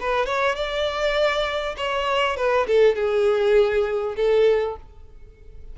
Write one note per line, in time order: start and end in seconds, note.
0.00 0.25 B4
0.25 0.55 C#5
0.55 1.75 D5
1.76 2.36 C#5
2.36 2.66 B4
2.67 2.95 A4
2.95 4.15 G#4
4.16 4.76 A4